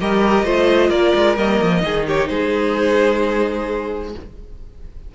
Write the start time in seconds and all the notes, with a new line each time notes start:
0.00 G3 G4 A#4 D#5
0.43 A3 F4 C5
0.89 A#3 A#4 D5
1.15 G#3
1.36 G3 A#3 D#5
1.62 F3
1.80 D#3 D#4 G#4
2.07 G4 C#5
2.28 G#3 G#4 C5